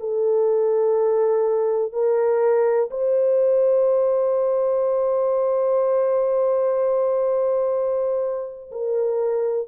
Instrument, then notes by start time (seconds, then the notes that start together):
horn
0.00 A4
1.93 A#4
2.91 C5
8.71 A#4